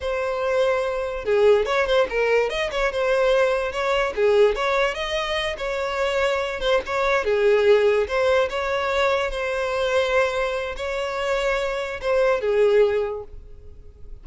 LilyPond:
\new Staff \with { instrumentName = "violin" } { \time 4/4 \tempo 4 = 145 c''2. gis'4 | cis''8 c''8 ais'4 dis''8 cis''8 c''4~ | c''4 cis''4 gis'4 cis''4 | dis''4. cis''2~ cis''8 |
c''8 cis''4 gis'2 c''8~ | c''8 cis''2 c''4.~ | c''2 cis''2~ | cis''4 c''4 gis'2 | }